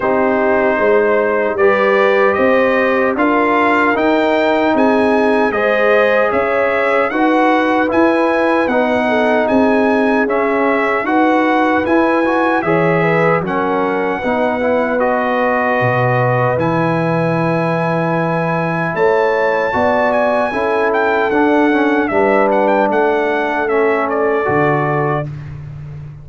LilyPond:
<<
  \new Staff \with { instrumentName = "trumpet" } { \time 4/4 \tempo 4 = 76 c''2 d''4 dis''4 | f''4 g''4 gis''4 dis''4 | e''4 fis''4 gis''4 fis''4 | gis''4 e''4 fis''4 gis''4 |
e''4 fis''2 dis''4~ | dis''4 gis''2. | a''4. gis''4 g''8 fis''4 | e''8 fis''16 g''16 fis''4 e''8 d''4. | }
  \new Staff \with { instrumentName = "horn" } { \time 4/4 g'4 c''4 b'4 c''4 | ais'2 gis'4 c''4 | cis''4 b'2~ b'8 a'8 | gis'2 b'2 |
cis''8 b'8 ais'4 b'2~ | b'1 | cis''4 d''4 a'2 | b'4 a'2. | }
  \new Staff \with { instrumentName = "trombone" } { \time 4/4 dis'2 g'2 | f'4 dis'2 gis'4~ | gis'4 fis'4 e'4 dis'4~ | dis'4 cis'4 fis'4 e'8 fis'8 |
gis'4 cis'4 dis'8 e'8 fis'4~ | fis'4 e'2.~ | e'4 fis'4 e'4 d'8 cis'8 | d'2 cis'4 fis'4 | }
  \new Staff \with { instrumentName = "tuba" } { \time 4/4 c'4 gis4 g4 c'4 | d'4 dis'4 c'4 gis4 | cis'4 dis'4 e'4 b4 | c'4 cis'4 dis'4 e'4 |
e4 fis4 b2 | b,4 e2. | a4 b4 cis'4 d'4 | g4 a2 d4 | }
>>